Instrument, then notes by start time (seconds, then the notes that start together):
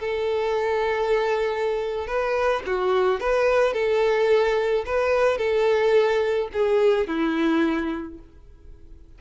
violin
0.00 A4
2.07 B4
2.66 F#4
3.20 B4
3.73 A4
4.86 B4
5.38 A4
6.53 G#4
7.07 E4